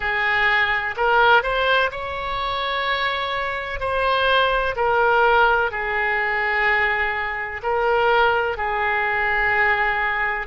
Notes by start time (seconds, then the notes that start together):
0.00 G#4
0.97 A#4
1.42 C5
1.90 C#5
3.80 C5
4.76 A#4
5.71 G#4
7.62 A#4
8.57 G#4